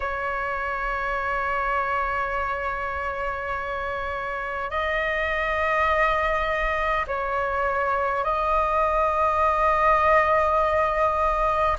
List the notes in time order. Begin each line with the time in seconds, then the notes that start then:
0.00 C#5
4.70 D#5
7.06 C#5
8.24 D#5